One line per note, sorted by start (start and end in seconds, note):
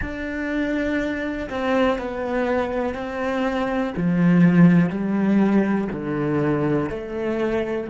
0.01 1.49 D4
1.49 1.98 C4
1.98 2.94 B3
2.94 3.93 C4
3.96 4.89 F3
4.89 5.87 G3
5.92 6.89 D3
6.89 7.87 A3